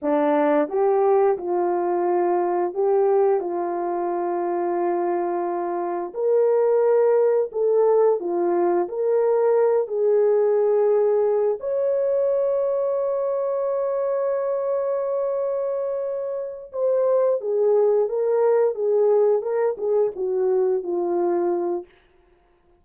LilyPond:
\new Staff \with { instrumentName = "horn" } { \time 4/4 \tempo 4 = 88 d'4 g'4 f'2 | g'4 f'2.~ | f'4 ais'2 a'4 | f'4 ais'4. gis'4.~ |
gis'4 cis''2.~ | cis''1~ | cis''8 c''4 gis'4 ais'4 gis'8~ | gis'8 ais'8 gis'8 fis'4 f'4. | }